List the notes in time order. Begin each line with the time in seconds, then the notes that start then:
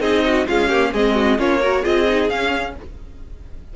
0.00 C4 D#4 G#4 D#5
0.26 F#4
0.47 G#3 C#4 F4 F5
0.68 A#3 G4
0.92 G#3 C4 G#4 D#5
1.15 F#4
1.38 A#3 C#4 F4 C#5
1.60 F#4 A#4
1.82 C4 F4 G#4 D#5
2.08 D#4
2.29 C#4 F5